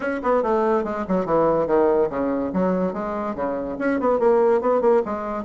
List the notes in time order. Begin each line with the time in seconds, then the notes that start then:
0.00 C#4
0.23 B3
0.42 A3
0.84 G#3
1.08 F#3
1.25 E3
1.66 D#3
2.09 C#3
2.53 F#3
2.93 G#3
3.35 C#3
3.79 C#4
4.00 B3
4.19 A#3
4.61 B3
4.81 A#3
5.05 G#3